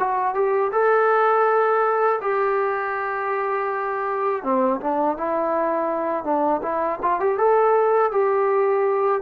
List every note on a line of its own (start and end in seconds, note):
0.00 0.35 F#4
0.35 0.72 G4
0.72 2.21 A4
2.22 4.44 G4
4.44 4.81 C4
4.81 5.18 D4
5.18 6.25 E4
6.25 6.62 D4
6.63 7.00 E4
7.03 7.21 F4
7.21 7.38 G4
7.38 8.12 A4
8.12 9.22 G4